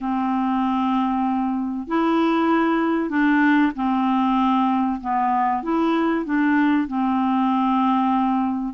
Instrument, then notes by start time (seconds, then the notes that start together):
clarinet
0.00 C4
1.88 E4
3.09 D4
3.75 C4
5.01 B3
5.62 E4
6.25 D4
6.87 C4